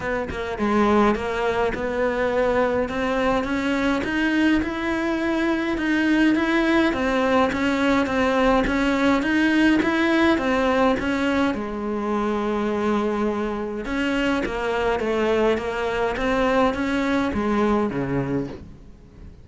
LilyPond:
\new Staff \with { instrumentName = "cello" } { \time 4/4 \tempo 4 = 104 b8 ais8 gis4 ais4 b4~ | b4 c'4 cis'4 dis'4 | e'2 dis'4 e'4 | c'4 cis'4 c'4 cis'4 |
dis'4 e'4 c'4 cis'4 | gis1 | cis'4 ais4 a4 ais4 | c'4 cis'4 gis4 cis4 | }